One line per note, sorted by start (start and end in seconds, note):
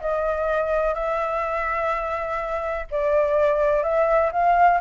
0.00 0.94 D#5
0.94 2.86 E5
2.90 3.83 D5
3.83 4.31 E5
4.32 4.80 F5